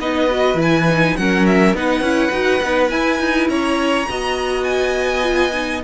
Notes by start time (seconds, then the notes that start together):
0.00 B3 D#4 B4 D#5
0.31 F#4
0.55 E3 E4
0.62 G#5
0.89 D#4
1.17 F#3 C#4 A#4 F#5
1.47 E5
1.74 B3 D#4 B4 F#5
2.01 C#4 E4
2.32 D#4 F#4
2.63 B3 D#4
2.88 E4 G#5
3.20 D#4
3.49 C#4 C#5 A#5
4.09 B3 F#4 D#5
4.64 G#5
5.23 F4
5.53 D#4